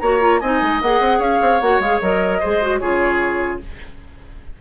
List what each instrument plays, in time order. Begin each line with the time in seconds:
0.00 bassoon A#3, clarinet F#4, oboe C#5, flute A#5
0.20 clarinet F4
0.40 bassoon C4, clarinet D#4, oboe D#5, flute G#5
0.62 bassoon G#3
0.82 bassoon A#3, clarinet G#4, flute F#5
1.00 bassoon C4
1.19 bassoon C#4, oboe C#5, flute F5
1.41 bassoon C4
1.61 bassoon A#3, clarinet F#4, flute F#5
1.80 bassoon G#3, clarinet G#4, flute F5
2.01 bassoon F#3, clarinet A#4, flute D#5
2.40 bassoon G#3, clarinet G#4, oboe C5
2.62 clarinet F#4
2.79 bassoon C#3, clarinet F4, oboe G#4, flute C#5